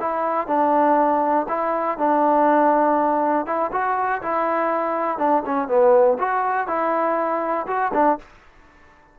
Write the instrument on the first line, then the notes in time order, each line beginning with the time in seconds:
trombone
0.00 E4
0.47 D4
1.49 E4
1.98 D4
3.46 E4
3.72 F#4
4.22 E4
5.18 D4
5.46 C#4
5.68 B3
6.19 F#4
6.67 E4
7.67 F#4
7.94 D4